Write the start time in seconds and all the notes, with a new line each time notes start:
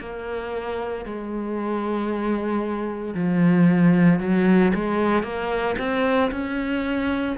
0.00 A#3
1.06 G#3
3.14 F3
4.20 F#3
4.75 G#3
5.23 A#3
5.78 C4
6.32 C#4